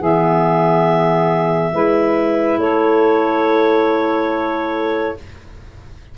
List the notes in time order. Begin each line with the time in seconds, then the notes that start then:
0.00 E3 B3 G#4 E5
1.74 G#3 E4 B4
2.58 A3 A4 C#5